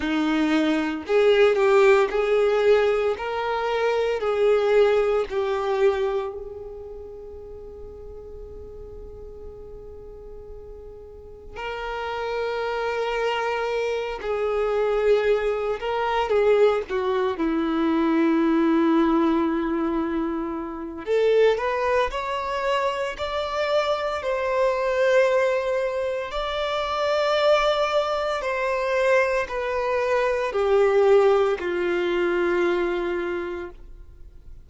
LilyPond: \new Staff \with { instrumentName = "violin" } { \time 4/4 \tempo 4 = 57 dis'4 gis'8 g'8 gis'4 ais'4 | gis'4 g'4 gis'2~ | gis'2. ais'4~ | ais'4. gis'4. ais'8 gis'8 |
fis'8 e'2.~ e'8 | a'8 b'8 cis''4 d''4 c''4~ | c''4 d''2 c''4 | b'4 g'4 f'2 | }